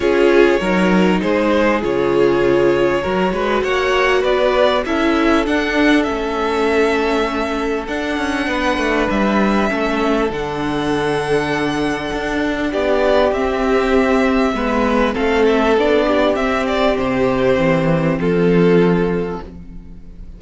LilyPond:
<<
  \new Staff \with { instrumentName = "violin" } { \time 4/4 \tempo 4 = 99 cis''2 c''4 cis''4~ | cis''2 fis''4 d''4 | e''4 fis''4 e''2~ | e''4 fis''2 e''4~ |
e''4 fis''2.~ | fis''4 d''4 e''2~ | e''4 f''8 e''8 d''4 e''8 d''8 | c''2 a'2 | }
  \new Staff \with { instrumentName = "violin" } { \time 4/4 gis'4 ais'4 gis'2~ | gis'4 ais'8 b'8 cis''4 b'4 | a'1~ | a'2 b'2 |
a'1~ | a'4 g'2. | b'4 a'4. g'4.~ | g'2 f'2 | }
  \new Staff \with { instrumentName = "viola" } { \time 4/4 f'4 dis'2 f'4~ | f'4 fis'2. | e'4 d'4 cis'2~ | cis'4 d'2. |
cis'4 d'2.~ | d'2 c'2 | b4 c'4 d'4 c'4~ | c'1 | }
  \new Staff \with { instrumentName = "cello" } { \time 4/4 cis'4 fis4 gis4 cis4~ | cis4 fis8 gis8 ais4 b4 | cis'4 d'4 a2~ | a4 d'8 cis'8 b8 a8 g4 |
a4 d2. | d'4 b4 c'2 | gis4 a4 b4 c'4 | c4 e4 f2 | }
>>